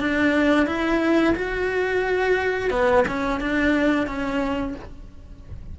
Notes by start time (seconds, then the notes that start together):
0.00 D4
0.66 E4
1.35 F#4
2.71 B3
3.08 C#4
3.41 D4
4.07 C#4